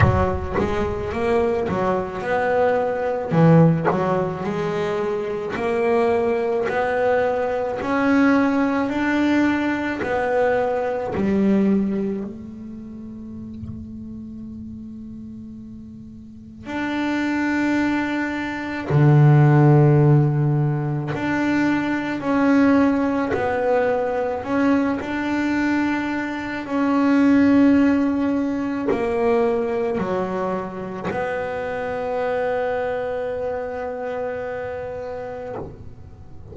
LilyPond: \new Staff \with { instrumentName = "double bass" } { \time 4/4 \tempo 4 = 54 fis8 gis8 ais8 fis8 b4 e8 fis8 | gis4 ais4 b4 cis'4 | d'4 b4 g4 a4~ | a2. d'4~ |
d'4 d2 d'4 | cis'4 b4 cis'8 d'4. | cis'2 ais4 fis4 | b1 | }